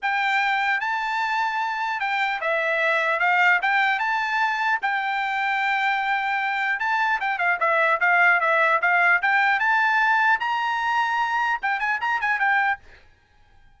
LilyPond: \new Staff \with { instrumentName = "trumpet" } { \time 4/4 \tempo 4 = 150 g''2 a''2~ | a''4 g''4 e''2 | f''4 g''4 a''2 | g''1~ |
g''4 a''4 g''8 f''8 e''4 | f''4 e''4 f''4 g''4 | a''2 ais''2~ | ais''4 g''8 gis''8 ais''8 gis''8 g''4 | }